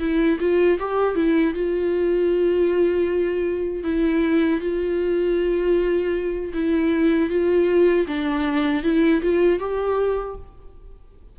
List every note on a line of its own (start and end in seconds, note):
0.00 0.38 E4
0.40 0.79 F4
0.79 1.15 G4
1.15 1.54 E4
1.54 3.84 F4
3.84 4.60 E4
4.60 6.53 F4
6.53 7.30 E4
7.30 8.07 F4
8.07 8.84 D4
8.84 9.22 E4
9.22 9.59 F4
9.59 10.36 G4